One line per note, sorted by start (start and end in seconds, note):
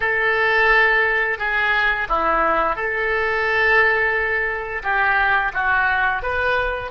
0.00 1.38 A4
1.38 2.07 G#4
2.08 2.75 E4
2.75 4.82 A4
4.83 5.52 G4
5.53 6.22 F#4
6.22 6.91 B4